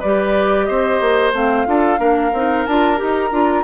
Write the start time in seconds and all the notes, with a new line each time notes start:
0.00 G3 G4 B4 D5
0.66 C4 C5 D#5
1.01 A#3
1.33 A3 C4 F5
1.66 D4 F4 A4
1.98 A#3 D4 A#4
2.33 C4 D#4
2.66 D4 F4 A5
2.97 D#4 G4 A#5
3.31 D4 F4